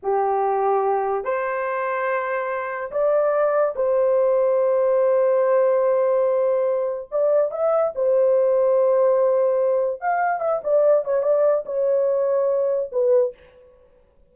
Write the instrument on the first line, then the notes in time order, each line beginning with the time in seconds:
horn
0.02 G4
1.24 C5
2.91 D5
3.75 C5
7.11 D5
7.51 E5
7.95 C5
10.00 F5
10.40 E5
10.63 D5
11.04 C#5
11.22 D5
11.65 C#5
12.92 B4